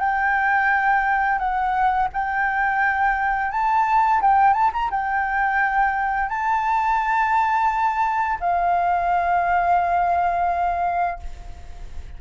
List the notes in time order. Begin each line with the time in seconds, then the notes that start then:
0.00 G5
1.39 F#5
2.13 G5
3.51 A5
4.21 G5
4.54 A5
4.73 A#5
4.91 G5
6.29 A5
8.41 F5